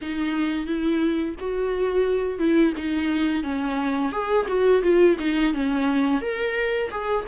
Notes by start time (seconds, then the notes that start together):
0.01 D#4
0.66 E4
1.39 F#4
2.38 E4
2.76 D#4
3.43 C#4
4.12 G#4
4.47 F#4
4.82 F4
5.19 D#4
5.53 C#4
6.21 A#4
6.90 G#4